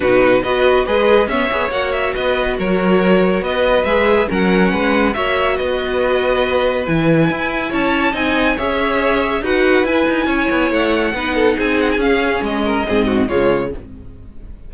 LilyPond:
<<
  \new Staff \with { instrumentName = "violin" } { \time 4/4 \tempo 4 = 140 b'4 dis''4 b'4 e''4 | fis''8 e''8 dis''4 cis''2 | dis''4 e''4 fis''2 | e''4 dis''2. |
gis''2 a''4 gis''4 | e''2 fis''4 gis''4~ | gis''4 fis''2 gis''8 fis''16 gis''16 | f''4 dis''2 cis''4 | }
  \new Staff \with { instrumentName = "violin" } { \time 4/4 fis'4 b'4 dis''4 cis''4~ | cis''4 b'4 ais'2 | b'2 ais'4 b'4 | cis''4 b'2.~ |
b'2 cis''4 dis''4 | cis''2 b'2 | cis''2 b'8 a'8 gis'4~ | gis'4. ais'8 gis'8 fis'8 f'4 | }
  \new Staff \with { instrumentName = "viola" } { \time 4/4 dis'4 fis'4 gis'4 b8 gis'8 | fis'1~ | fis'4 gis'4 cis'2 | fis'1 |
e'2. dis'4 | gis'2 fis'4 e'4~ | e'2 dis'2 | cis'2 c'4 gis4 | }
  \new Staff \with { instrumentName = "cello" } { \time 4/4 b,4 b4 gis4 cis'8 b8 | ais4 b4 fis2 | b4 gis4 fis4 gis4 | ais4 b2. |
e4 e'4 cis'4 c'4 | cis'2 dis'4 e'8 dis'8 | cis'8 b8 a4 b4 c'4 | cis'4 gis4 gis,4 cis4 | }
>>